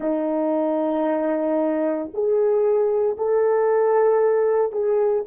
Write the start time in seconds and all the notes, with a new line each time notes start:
0.00 D#4
2.13 G#4
3.17 A4
4.71 G#4